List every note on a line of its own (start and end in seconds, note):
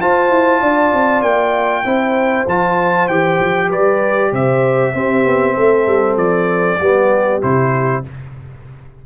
0.00 0.30 F4
0.00 1.84 F4
0.00 0.60 C5
0.00 1.22 A5
0.30 0.61 E4
0.60 0.93 D4
0.60 1.84 D5
0.93 1.22 C4
1.22 1.84 A#3
1.22 2.46 G5
1.84 2.47 C4
1.84 2.46 E4
1.84 3.69 C5
2.47 3.08 F3
2.47 3.10 F4
2.47 3.08 A5
3.08 3.39 E3
3.08 4.94 G4
3.08 3.70 G5
3.39 3.70 F3
3.69 4.32 G3
3.69 4.31 B4
3.69 4.34 D5
4.31 4.94 C3
4.31 4.93 C5
4.31 6.17 E5
4.94 5.25 C4
4.94 6.80 C4
4.94 5.56 G4
5.25 5.56 B3
5.56 5.87 A3
5.56 6.79 A4
5.87 6.16 G3
6.16 6.78 F3
6.16 7.41 D5
6.80 7.42 G3
6.80 7.41 B3
6.80 8.06 G4
7.41 8.05 C3
7.41 8.03 E4
7.41 8.04 C5